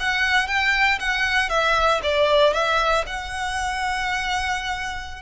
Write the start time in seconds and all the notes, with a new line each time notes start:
0.00 F#5
0.48 G5
1.00 F#5
1.50 E5
2.03 D5
2.54 E5
3.07 F#5